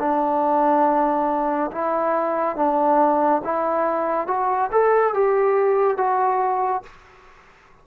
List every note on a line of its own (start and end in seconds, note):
0.00 1.71 D4
1.72 2.56 E4
2.56 3.42 D4
3.44 4.28 E4
4.28 4.71 F#4
4.72 5.14 A4
5.14 5.98 G4
5.98 6.83 F#4